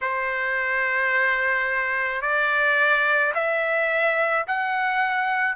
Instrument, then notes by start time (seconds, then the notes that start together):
trumpet
0.01 C5
2.21 D5
3.34 E5
4.47 F#5